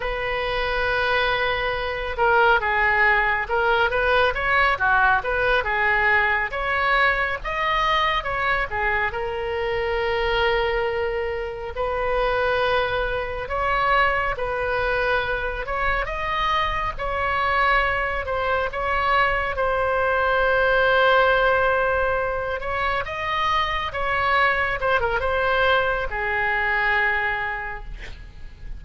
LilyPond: \new Staff \with { instrumentName = "oboe" } { \time 4/4 \tempo 4 = 69 b'2~ b'8 ais'8 gis'4 | ais'8 b'8 cis''8 fis'8 b'8 gis'4 cis''8~ | cis''8 dis''4 cis''8 gis'8 ais'4.~ | ais'4. b'2 cis''8~ |
cis''8 b'4. cis''8 dis''4 cis''8~ | cis''4 c''8 cis''4 c''4.~ | c''2 cis''8 dis''4 cis''8~ | cis''8 c''16 ais'16 c''4 gis'2 | }